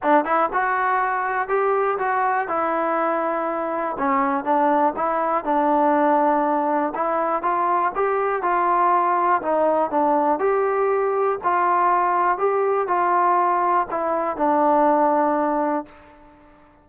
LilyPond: \new Staff \with { instrumentName = "trombone" } { \time 4/4 \tempo 4 = 121 d'8 e'8 fis'2 g'4 | fis'4 e'2. | cis'4 d'4 e'4 d'4~ | d'2 e'4 f'4 |
g'4 f'2 dis'4 | d'4 g'2 f'4~ | f'4 g'4 f'2 | e'4 d'2. | }